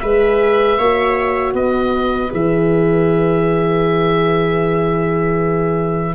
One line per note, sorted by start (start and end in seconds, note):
0.00 0.78 G#3
0.00 0.79 G#4
0.00 0.79 B4
0.00 1.54 E5
0.78 1.54 A#3
0.78 2.32 F#4
0.78 1.54 C#5
1.54 2.31 B3
1.54 6.15 B4
1.54 2.33 D#5
2.32 6.15 E3
2.32 6.15 G#4
2.32 6.15 E5